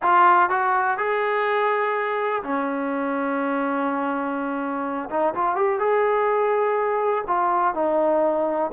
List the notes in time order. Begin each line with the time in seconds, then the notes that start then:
0.02 F4
0.49 F#4
0.97 G#4
2.43 C#4
5.10 D#4
5.34 F4
5.55 G4
5.79 G#4
7.27 F4
7.74 D#4